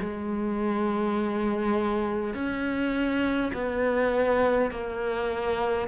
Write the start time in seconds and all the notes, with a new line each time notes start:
0.00 G#3
2.35 C#4
3.53 B3
4.71 A#3